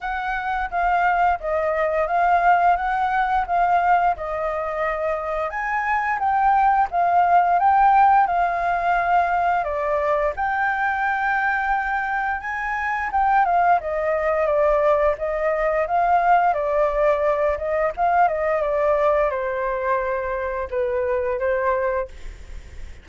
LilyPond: \new Staff \with { instrumentName = "flute" } { \time 4/4 \tempo 4 = 87 fis''4 f''4 dis''4 f''4 | fis''4 f''4 dis''2 | gis''4 g''4 f''4 g''4 | f''2 d''4 g''4~ |
g''2 gis''4 g''8 f''8 | dis''4 d''4 dis''4 f''4 | d''4. dis''8 f''8 dis''8 d''4 | c''2 b'4 c''4 | }